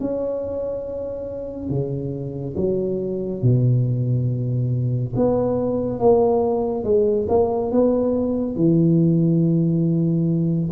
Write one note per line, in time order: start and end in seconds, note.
0.00 1.69 C#4
1.69 2.55 C#3
2.56 3.42 F#3
3.42 5.14 B2
5.15 5.99 B3
5.99 6.83 A#3
6.83 7.26 G#3
7.29 7.71 A#3
7.71 8.56 B3
8.56 10.70 E3